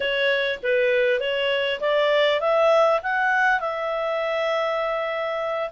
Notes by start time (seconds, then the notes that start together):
0.00 C#5
0.62 B4
1.20 C#5
1.80 D5
2.40 E5
3.02 F#5
3.60 E5